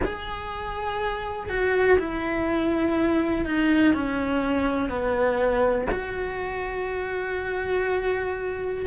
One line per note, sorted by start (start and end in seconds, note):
0.04 1.49 G#4
1.49 1.98 F#4
1.99 3.45 E4
3.45 3.93 D#4
3.93 4.89 C#4
4.89 5.87 B3
5.91 8.86 F#4